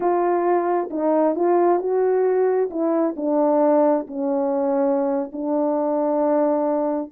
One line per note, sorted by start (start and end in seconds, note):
0.00 0.89 F4
0.90 1.35 D#4
1.35 1.79 F4
1.79 2.69 F#4
2.70 3.15 E4
3.16 4.06 D4
4.07 5.31 C#4
5.32 7.11 D4